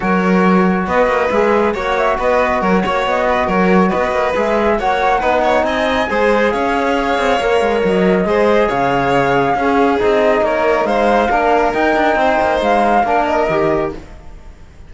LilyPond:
<<
  \new Staff \with { instrumentName = "flute" } { \time 4/4 \tempo 4 = 138 cis''2 dis''4 e''4 | fis''8 e''8 dis''4 cis''4 dis''4 | cis''4 dis''4 e''4 fis''4~ | fis''4 gis''2 f''4~ |
f''2 dis''2 | f''2. dis''4 | cis''4 f''2 g''4~ | g''4 f''4. dis''4. | }
  \new Staff \with { instrumentName = "violin" } { \time 4/4 ais'2 b'2 | cis''4 b'4 ais'8 cis''4 b'8 | ais'4 b'2 cis''4 | b'8 cis''8 dis''4 c''4 cis''4~ |
cis''2. c''4 | cis''2 gis'2 | ais'4 c''4 ais'2 | c''2 ais'2 | }
  \new Staff \with { instrumentName = "trombone" } { \time 4/4 fis'2. gis'4 | fis'1~ | fis'2 gis'4 fis'4 | dis'2 gis'2~ |
gis'4 ais'2 gis'4~ | gis'2 cis'4 dis'4~ | dis'2 d'4 dis'4~ | dis'2 d'4 g'4 | }
  \new Staff \with { instrumentName = "cello" } { \time 4/4 fis2 b8 ais8 gis4 | ais4 b4 fis8 ais8 b4 | fis4 b8 ais8 gis4 ais4 | b4 c'4 gis4 cis'4~ |
cis'8 c'8 ais8 gis8 fis4 gis4 | cis2 cis'4 c'4 | ais4 gis4 ais4 dis'8 d'8 | c'8 ais8 gis4 ais4 dis4 | }
>>